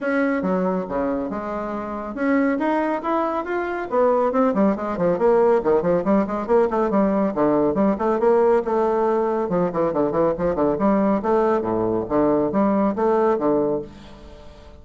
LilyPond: \new Staff \with { instrumentName = "bassoon" } { \time 4/4 \tempo 4 = 139 cis'4 fis4 cis4 gis4~ | gis4 cis'4 dis'4 e'4 | f'4 b4 c'8 g8 gis8 f8 | ais4 dis8 f8 g8 gis8 ais8 a8 |
g4 d4 g8 a8 ais4 | a2 f8 e8 d8 e8 | f8 d8 g4 a4 a,4 | d4 g4 a4 d4 | }